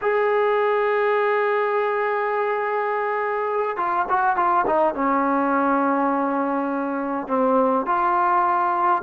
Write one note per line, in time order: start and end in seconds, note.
0.01 3.76 G#4
3.76 4.05 F4
4.09 4.36 F#4
4.36 4.65 F4
4.66 4.94 D#4
4.94 7.27 C#4
7.27 7.85 C4
7.86 9.02 F4